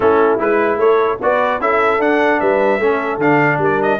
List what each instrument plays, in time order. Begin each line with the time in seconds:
0.00 tuba A3, trombone C#4, horn E4, trumpet A4
0.39 tuba G#3, trombone E4, trumpet B4
0.77 tuba A3, horn A4, trumpet C#5
1.21 tuba B3, trombone F#4, horn B4, trumpet D5
1.60 tuba C#4, trombone E4, horn A4, trumpet E5
1.98 tuba D4, trombone D4, trumpet F#5
2.40 tuba G3, horn B4, trumpet E5
2.79 tuba A3, trombone C#4, horn A4
3.17 tuba D3, trombone D4, trumpet F5
3.58 tuba G3, horn A#4, trumpet D5
3.82 trumpet D#5